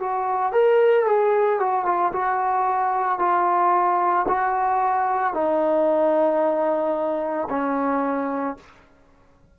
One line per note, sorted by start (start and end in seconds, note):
0.00 0.53 F#4
0.53 1.06 A#4
1.06 1.60 G#4
1.60 1.85 F#4
1.85 2.12 F4
2.13 3.19 F#4
3.19 4.26 F4
4.28 5.34 F#4
5.34 7.48 D#4
7.50 8.57 C#4